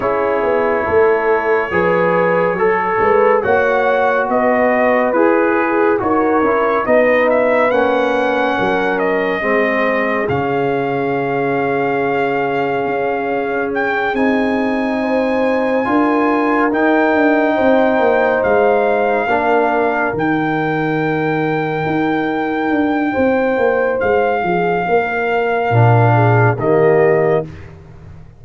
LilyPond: <<
  \new Staff \with { instrumentName = "trumpet" } { \time 4/4 \tempo 4 = 70 cis''1 | fis''4 dis''4 b'4 cis''4 | dis''8 e''8 fis''4. dis''4. | f''1 |
g''8 gis''2. g''8~ | g''4. f''2 g''8~ | g''1 | f''2. dis''4 | }
  \new Staff \with { instrumentName = "horn" } { \time 4/4 gis'4 a'4 b'4 a'8 b'8 | cis''4 b'4. gis'8 ais'4 | b'2 ais'4 gis'4~ | gis'1~ |
gis'4. c''4 ais'4.~ | ais'8 c''2 ais'4.~ | ais'2. c''4~ | c''8 gis'8 ais'4. gis'8 g'4 | }
  \new Staff \with { instrumentName = "trombone" } { \time 4/4 e'2 gis'4 a'4 | fis'2 gis'4 fis'8 e'8 | dis'4 cis'2 c'4 | cis'1~ |
cis'8 dis'2 f'4 dis'8~ | dis'2~ dis'8 d'4 dis'8~ | dis'1~ | dis'2 d'4 ais4 | }
  \new Staff \with { instrumentName = "tuba" } { \time 4/4 cis'8 b8 a4 f4 fis8 gis8 | ais4 b4 e'4 dis'8 cis'8 | b4 ais4 fis4 gis4 | cis2. cis'4~ |
cis'8 c'2 d'4 dis'8 | d'8 c'8 ais8 gis4 ais4 dis8~ | dis4. dis'4 d'8 c'8 ais8 | gis8 f8 ais4 ais,4 dis4 | }
>>